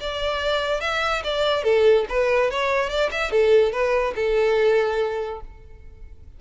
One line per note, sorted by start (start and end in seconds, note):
0.00 0.80 D5
0.80 1.22 E5
1.23 1.63 D5
1.63 2.05 A4
2.09 2.50 B4
2.50 2.89 C#5
2.89 3.10 D5
3.11 3.31 E5
3.31 3.72 A4
3.72 4.14 B4
4.15 5.40 A4